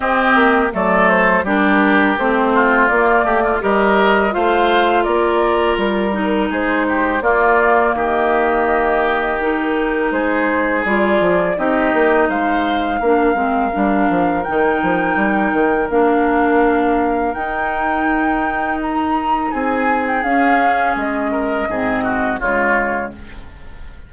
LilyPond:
<<
  \new Staff \with { instrumentName = "flute" } { \time 4/4 \tempo 4 = 83 dis''4 d''8 c''8 ais'4 c''4 | d''4 dis''4 f''4 d''4 | ais'4 c''4 d''4 dis''4~ | dis''4 ais'4 c''4 d''4 |
dis''4 f''2. | g''2 f''2 | g''2 ais''4 gis''8. g''16 | f''4 dis''2 cis''4 | }
  \new Staff \with { instrumentName = "oboe" } { \time 4/4 g'4 a'4 g'4. f'8~ | f'8 g'16 f'16 ais'4 c''4 ais'4~ | ais'4 gis'8 g'8 f'4 g'4~ | g'2 gis'2 |
g'4 c''4 ais'2~ | ais'1~ | ais'2. gis'4~ | gis'4. ais'8 gis'8 fis'8 f'4 | }
  \new Staff \with { instrumentName = "clarinet" } { \time 4/4 c'4 a4 d'4 c'4 | ais4 g'4 f'2~ | f'8 dis'4. ais2~ | ais4 dis'2 f'4 |
dis'2 d'8 c'8 d'4 | dis'2 d'2 | dis'1 | cis'2 c'4 gis4 | }
  \new Staff \with { instrumentName = "bassoon" } { \time 4/4 c'8 ais8 fis4 g4 a4 | ais8 a8 g4 a4 ais4 | g4 gis4 ais4 dis4~ | dis2 gis4 g8 f8 |
c'8 ais8 gis4 ais8 gis8 g8 f8 | dis8 f8 g8 dis8 ais2 | dis'2. c'4 | cis'4 gis4 gis,4 cis4 | }
>>